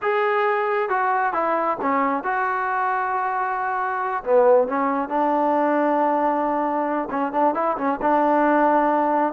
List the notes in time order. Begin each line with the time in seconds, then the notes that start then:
0.02 G#4
0.89 F#4
1.33 E4
1.81 C#4
2.23 F#4
4.24 B3
4.67 C#4
5.08 D4
7.10 C#4
7.32 D4
7.54 E4
7.77 C#4
8.01 D4